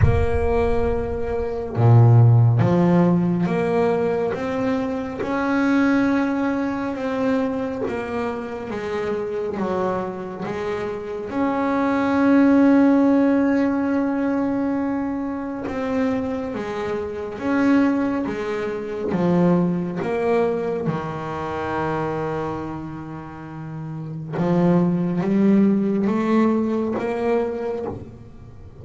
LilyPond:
\new Staff \with { instrumentName = "double bass" } { \time 4/4 \tempo 4 = 69 ais2 ais,4 f4 | ais4 c'4 cis'2 | c'4 ais4 gis4 fis4 | gis4 cis'2.~ |
cis'2 c'4 gis4 | cis'4 gis4 f4 ais4 | dis1 | f4 g4 a4 ais4 | }